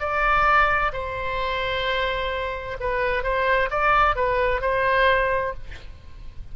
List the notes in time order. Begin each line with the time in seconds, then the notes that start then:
0.00 D5
0.93 C5
2.80 B4
3.23 C5
3.70 D5
4.16 B4
4.62 C5